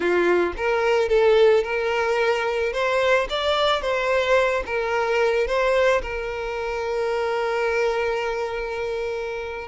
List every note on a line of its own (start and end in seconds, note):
0.00 0.53 F4
0.57 1.09 A#4
1.09 1.63 A4
1.63 2.72 A#4
2.72 3.27 C5
3.29 3.81 D5
3.81 4.63 C5
4.66 5.47 A#4
5.47 6.01 C5
6.01 9.67 A#4